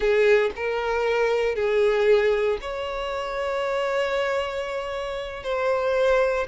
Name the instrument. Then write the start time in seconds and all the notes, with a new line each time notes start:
violin
0.00 G#4
0.56 A#4
1.55 G#4
2.61 C#5
5.43 C5